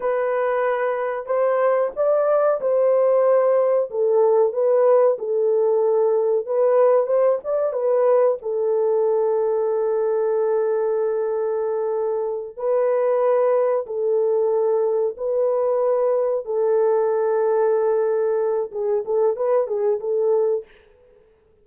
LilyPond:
\new Staff \with { instrumentName = "horn" } { \time 4/4 \tempo 4 = 93 b'2 c''4 d''4 | c''2 a'4 b'4 | a'2 b'4 c''8 d''8 | b'4 a'2.~ |
a'2.~ a'8 b'8~ | b'4. a'2 b'8~ | b'4. a'2~ a'8~ | a'4 gis'8 a'8 b'8 gis'8 a'4 | }